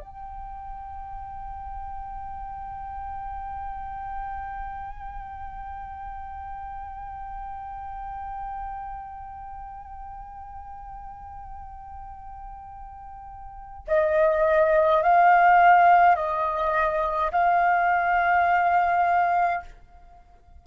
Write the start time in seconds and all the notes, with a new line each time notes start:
0.00 G5
13.87 D#5
15.02 F5
16.15 D#5
17.32 F5